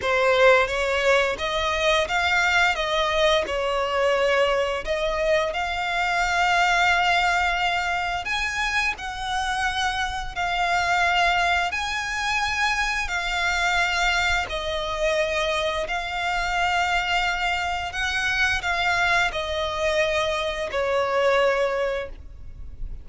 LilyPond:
\new Staff \with { instrumentName = "violin" } { \time 4/4 \tempo 4 = 87 c''4 cis''4 dis''4 f''4 | dis''4 cis''2 dis''4 | f''1 | gis''4 fis''2 f''4~ |
f''4 gis''2 f''4~ | f''4 dis''2 f''4~ | f''2 fis''4 f''4 | dis''2 cis''2 | }